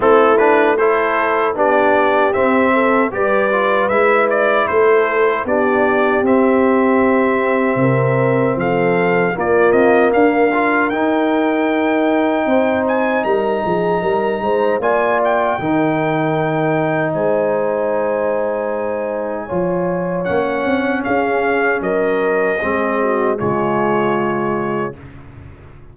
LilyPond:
<<
  \new Staff \with { instrumentName = "trumpet" } { \time 4/4 \tempo 4 = 77 a'8 b'8 c''4 d''4 e''4 | d''4 e''8 d''8 c''4 d''4 | e''2. f''4 | d''8 dis''8 f''4 g''2~ |
g''8 gis''8 ais''2 gis''8 g''8~ | g''2 gis''2~ | gis''2 fis''4 f''4 | dis''2 cis''2 | }
  \new Staff \with { instrumentName = "horn" } { \time 4/4 e'4 a'4 g'4. a'8 | b'2 a'4 g'4~ | g'2 ais'4 a'4 | f'4 ais'2. |
c''4 ais'8 gis'8 ais'8 c''8 d''4 | ais'2 c''2~ | c''4 cis''2 gis'4 | ais'4 gis'8 fis'8 f'2 | }
  \new Staff \with { instrumentName = "trombone" } { \time 4/4 c'8 d'8 e'4 d'4 c'4 | g'8 f'8 e'2 d'4 | c'1 | ais4. f'8 dis'2~ |
dis'2. f'4 | dis'1~ | dis'4 f'4 cis'2~ | cis'4 c'4 gis2 | }
  \new Staff \with { instrumentName = "tuba" } { \time 4/4 a2 b4 c'4 | g4 gis4 a4 b4 | c'2 c4 f4 | ais8 c'8 d'4 dis'2 |
c'4 g8 f8 g8 gis8 ais4 | dis2 gis2~ | gis4 f4 ais8 c'8 cis'4 | fis4 gis4 cis2 | }
>>